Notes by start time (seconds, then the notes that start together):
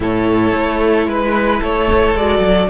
0.00 A2 E4 A4 C#5
0.53 A3
1.07 G#3 B4
1.59 A3 A4 C#5
2.14 G#3 F#4 D5
2.38 F#3